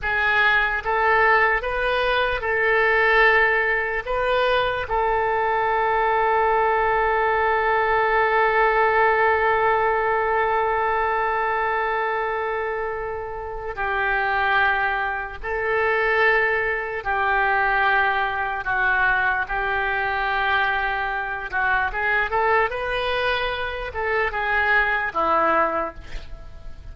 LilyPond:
\new Staff \with { instrumentName = "oboe" } { \time 4/4 \tempo 4 = 74 gis'4 a'4 b'4 a'4~ | a'4 b'4 a'2~ | a'1~ | a'1~ |
a'4 g'2 a'4~ | a'4 g'2 fis'4 | g'2~ g'8 fis'8 gis'8 a'8 | b'4. a'8 gis'4 e'4 | }